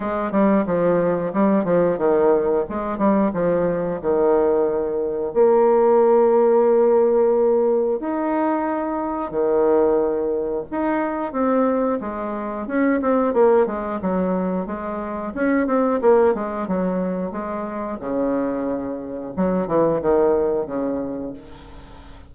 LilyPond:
\new Staff \with { instrumentName = "bassoon" } { \time 4/4 \tempo 4 = 90 gis8 g8 f4 g8 f8 dis4 | gis8 g8 f4 dis2 | ais1 | dis'2 dis2 |
dis'4 c'4 gis4 cis'8 c'8 | ais8 gis8 fis4 gis4 cis'8 c'8 | ais8 gis8 fis4 gis4 cis4~ | cis4 fis8 e8 dis4 cis4 | }